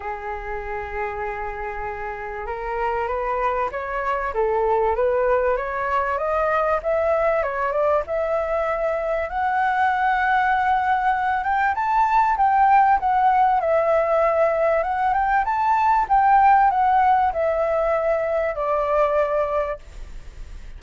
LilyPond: \new Staff \with { instrumentName = "flute" } { \time 4/4 \tempo 4 = 97 gis'1 | ais'4 b'4 cis''4 a'4 | b'4 cis''4 dis''4 e''4 | cis''8 d''8 e''2 fis''4~ |
fis''2~ fis''8 g''8 a''4 | g''4 fis''4 e''2 | fis''8 g''8 a''4 g''4 fis''4 | e''2 d''2 | }